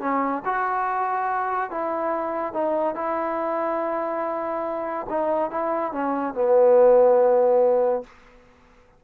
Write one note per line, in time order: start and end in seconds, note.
0.00 0.42 C#4
0.45 1.71 F#4
1.71 2.53 E4
2.53 2.95 D#4
2.95 5.06 E4
5.09 5.51 D#4
5.51 5.92 E4
5.92 6.34 C#4
6.34 8.03 B3